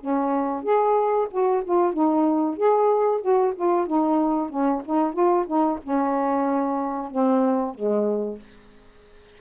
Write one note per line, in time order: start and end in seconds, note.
0.00 0.63 C#4
0.63 1.28 G#4
1.31 1.63 F#4
1.65 1.93 F4
1.93 2.57 D#4
2.57 3.21 G#4
3.21 3.53 F#4
3.56 3.87 F4
3.87 4.50 D#4
4.50 4.82 C#4
4.85 5.13 D#4
5.13 5.45 F4
5.47 5.79 D#4
5.83 7.11 C#4
7.11 7.74 C4
7.74 8.39 G#3